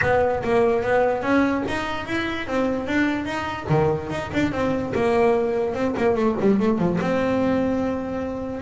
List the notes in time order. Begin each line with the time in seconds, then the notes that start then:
0.01 B3
0.43 A#3
0.82 B3
1.22 C#4
1.68 D#4
2.06 E4
2.47 C4
2.87 D4
3.25 D#4
3.69 D#3
4.10 D#4
4.33 D4
4.52 C4
4.94 A#3
5.74 C4
5.97 A#3
6.15 A3
6.40 G3
6.59 A3
6.78 F3
7.00 C4